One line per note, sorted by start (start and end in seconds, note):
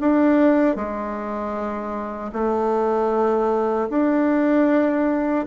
0.00 0.75 D4
0.75 2.31 G#3
2.32 3.88 A3
3.89 5.45 D4